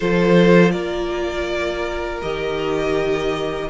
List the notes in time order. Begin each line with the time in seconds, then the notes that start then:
0.00 F3 F4 A4 C5
0.71 A#3 A#4 D5
2.22 D#3 G4 D#5